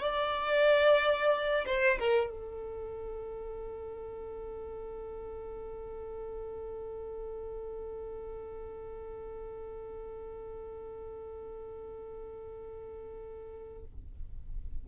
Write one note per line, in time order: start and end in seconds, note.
0.00 1.65 D5
1.66 1.99 C5
1.99 2.30 A#4
2.30 13.84 A4